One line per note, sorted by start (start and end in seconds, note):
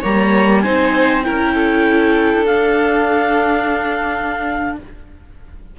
0.00 0.66 G3
0.00 0.64 A#3
0.00 0.61 C#5
0.00 0.61 A#5
0.61 1.27 C4
0.61 1.23 D#4
0.61 1.25 C5
0.61 1.22 G#5
1.23 2.34 C#4
1.23 2.46 E4
1.23 1.55 A#4
1.23 2.45 G5
1.55 4.76 A4
2.34 4.79 D4
2.46 4.78 D4
2.46 4.75 F5